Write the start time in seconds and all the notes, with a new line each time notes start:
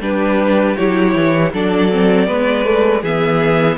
0.00 G3 D4 G4 B4
0.76 F#3 E4 C#5
1.15 E3
1.53 F#3 D4 A4 D5
1.91 C4
2.27 G#3 B3 B4
2.64 A3
3.02 E3 B3 G#4 E5